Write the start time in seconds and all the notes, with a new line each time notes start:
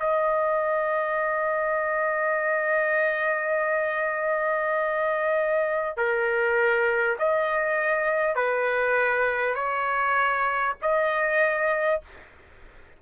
0.00 D#5
5.98 A#4
7.19 D#5
8.36 B4
9.55 C#5
10.82 D#5